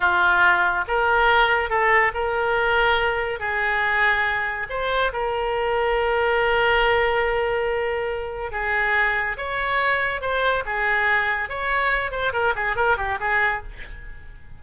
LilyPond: \new Staff \with { instrumentName = "oboe" } { \time 4/4 \tempo 4 = 141 f'2 ais'2 | a'4 ais'2. | gis'2. c''4 | ais'1~ |
ais'1 | gis'2 cis''2 | c''4 gis'2 cis''4~ | cis''8 c''8 ais'8 gis'8 ais'8 g'8 gis'4 | }